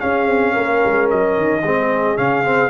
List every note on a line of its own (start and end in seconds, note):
0.00 1.62 C#4
0.00 0.27 C#4
0.00 0.54 G#4
0.00 1.08 F5
0.27 0.54 C4
0.54 0.84 A#3
0.54 1.62 A#4
0.85 1.11 G#3
1.10 1.38 F#3
1.10 2.17 D#5
1.38 1.63 D#3
1.63 2.17 G#3
1.63 2.17 C4
1.63 2.70 G#4
2.17 2.70 C#3
2.17 2.44 C#4
2.17 2.70 F5
2.44 2.70 C4